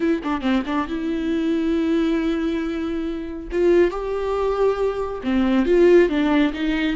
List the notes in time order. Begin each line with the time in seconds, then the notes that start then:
0.00 E4
0.23 D4
0.41 C4
0.66 D4
0.87 E4
3.51 F4
3.90 G4
5.23 C4
5.65 F4
6.09 D4
6.53 D#4